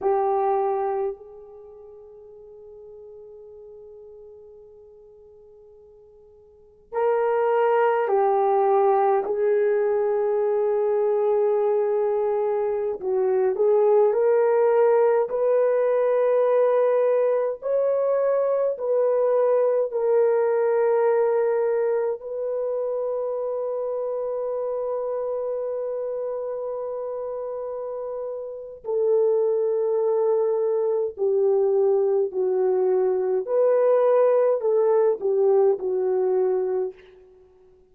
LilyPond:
\new Staff \with { instrumentName = "horn" } { \time 4/4 \tempo 4 = 52 g'4 gis'2.~ | gis'2 ais'4 g'4 | gis'2.~ gis'16 fis'8 gis'16~ | gis'16 ais'4 b'2 cis''8.~ |
cis''16 b'4 ais'2 b'8.~ | b'1~ | b'4 a'2 g'4 | fis'4 b'4 a'8 g'8 fis'4 | }